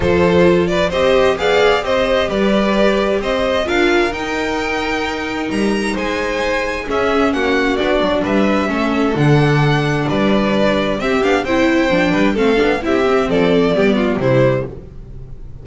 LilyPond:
<<
  \new Staff \with { instrumentName = "violin" } { \time 4/4 \tempo 4 = 131 c''4. d''8 dis''4 f''4 | dis''4 d''2 dis''4 | f''4 g''2. | ais''4 gis''2 e''4 |
fis''4 d''4 e''2 | fis''2 d''2 | e''8 f''8 g''2 f''4 | e''4 d''2 c''4 | }
  \new Staff \with { instrumentName = "violin" } { \time 4/4 a'4. b'8 c''4 d''4 | c''4 b'2 c''4 | ais'1~ | ais'4 c''2 gis'4 |
fis'2 b'4 a'4~ | a'2 b'2 | g'4 c''4. b'8 a'4 | g'4 a'4 g'8 f'8 e'4 | }
  \new Staff \with { instrumentName = "viola" } { \time 4/4 f'2 g'4 gis'4 | g'1 | f'4 dis'2.~ | dis'2. cis'4~ |
cis'4 d'2 cis'4 | d'1 | c'8 d'8 e'4 d'4 c'8 d'8 | e'8 c'4. b4 g4 | }
  \new Staff \with { instrumentName = "double bass" } { \time 4/4 f2 c'4 b4 | c'4 g2 c'4 | d'4 dis'2. | g4 gis2 cis'4 |
ais4 b8 fis8 g4 a4 | d2 g2 | c'8 b8 c'4 f8 g8 a8 b8 | c'4 f4 g4 c4 | }
>>